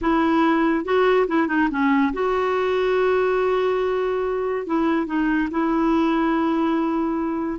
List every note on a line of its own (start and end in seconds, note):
0.01 0.84 E4
0.84 1.27 F#4
1.27 1.47 E4
1.47 1.68 D#4
1.70 2.12 C#4
2.13 4.66 F#4
4.66 5.06 E4
5.06 5.48 D#4
5.50 7.59 E4